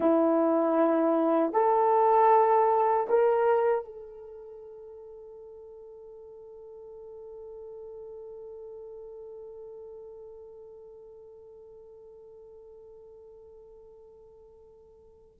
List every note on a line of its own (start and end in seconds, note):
0.00 1.52 E4
1.52 3.06 A4
3.09 3.84 A#4
3.84 15.38 A4